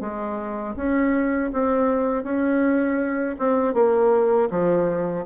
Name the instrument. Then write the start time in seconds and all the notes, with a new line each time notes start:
bassoon
0.00 G#3
0.76 C#4
1.52 C4
2.23 C#4
3.38 C4
3.74 A#3
4.50 F3